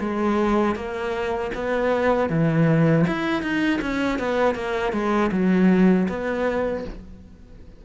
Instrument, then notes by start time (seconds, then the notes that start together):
cello
0.00 G#3
0.76 A#3
1.55 B3
2.30 E3
3.07 E4
3.42 D#4
3.82 C#4
4.19 B3
4.56 A#3
4.93 G#3
5.32 F#3
6.09 B3